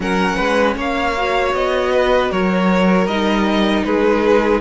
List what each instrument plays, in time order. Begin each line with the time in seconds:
0.00 cello F#3, viola C#4, violin A#4 F#5
0.36 cello G#3, violin B4
0.76 cello A#3, violin C#5 F5
1.17 viola F#4
1.53 cello B3, violin D#5
1.92 violin B4
2.31 cello F#3, violin A#4 C#5
3.06 cello G3, viola D#4, violin D#5
3.83 cello G#3, violin G#4 B4